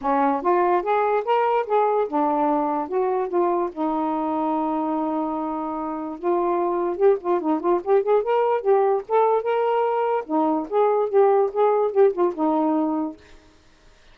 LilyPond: \new Staff \with { instrumentName = "saxophone" } { \time 4/4 \tempo 4 = 146 cis'4 f'4 gis'4 ais'4 | gis'4 d'2 fis'4 | f'4 dis'2.~ | dis'2. f'4~ |
f'4 g'8 f'8 dis'8 f'8 g'8 gis'8 | ais'4 g'4 a'4 ais'4~ | ais'4 dis'4 gis'4 g'4 | gis'4 g'8 f'8 dis'2 | }